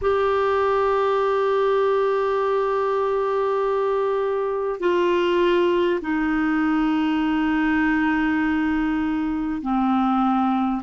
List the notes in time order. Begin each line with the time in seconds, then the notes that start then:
0.01 G4
4.80 F4
6.01 D#4
9.62 C4